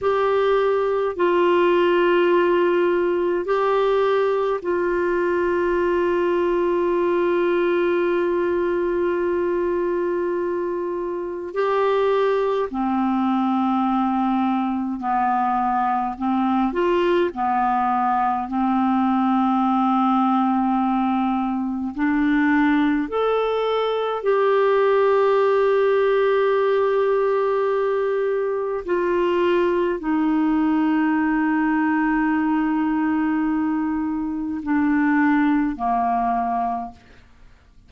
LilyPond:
\new Staff \with { instrumentName = "clarinet" } { \time 4/4 \tempo 4 = 52 g'4 f'2 g'4 | f'1~ | f'2 g'4 c'4~ | c'4 b4 c'8 f'8 b4 |
c'2. d'4 | a'4 g'2.~ | g'4 f'4 dis'2~ | dis'2 d'4 ais4 | }